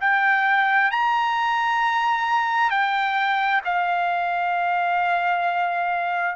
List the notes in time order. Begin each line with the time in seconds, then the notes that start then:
0.00 G5
0.91 A#5
2.70 G5
3.64 F5